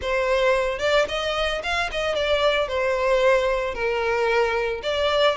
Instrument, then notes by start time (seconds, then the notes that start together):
violin
0.01 C5
0.78 D5
1.08 D#5
1.63 F5
1.91 D#5
2.15 D5
2.68 C5
3.74 A#4
4.82 D5